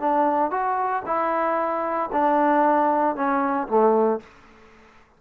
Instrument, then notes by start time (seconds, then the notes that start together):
trombone
0.00 D4
0.51 F#4
1.06 E4
2.12 D4
3.16 C#4
3.68 A3